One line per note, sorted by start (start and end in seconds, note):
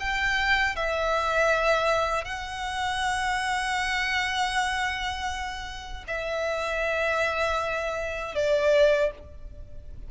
0.00 0.76 G5
0.76 2.25 E5
2.25 6.04 F#5
6.08 8.35 E5
8.35 9.11 D5